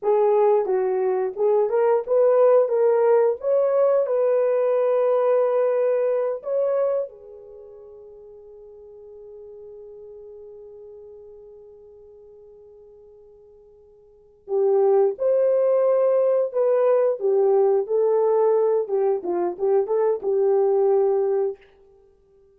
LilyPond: \new Staff \with { instrumentName = "horn" } { \time 4/4 \tempo 4 = 89 gis'4 fis'4 gis'8 ais'8 b'4 | ais'4 cis''4 b'2~ | b'4. cis''4 gis'4.~ | gis'1~ |
gis'1~ | gis'4. g'4 c''4.~ | c''8 b'4 g'4 a'4. | g'8 f'8 g'8 a'8 g'2 | }